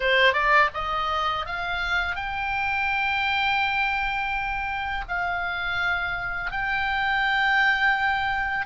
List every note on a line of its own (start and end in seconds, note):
0.00 0.33 C5
0.33 0.69 D5
0.74 1.46 D#5
1.46 2.15 F5
2.15 5.04 G5
5.08 6.51 F5
6.51 8.65 G5